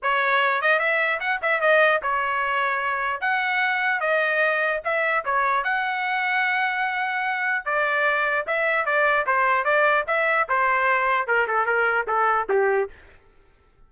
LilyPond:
\new Staff \with { instrumentName = "trumpet" } { \time 4/4 \tempo 4 = 149 cis''4. dis''8 e''4 fis''8 e''8 | dis''4 cis''2. | fis''2 dis''2 | e''4 cis''4 fis''2~ |
fis''2. d''4~ | d''4 e''4 d''4 c''4 | d''4 e''4 c''2 | ais'8 a'8 ais'4 a'4 g'4 | }